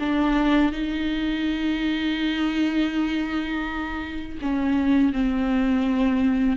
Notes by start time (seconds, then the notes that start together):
0.00 D4
0.73 D#4
4.42 C#4
5.13 C4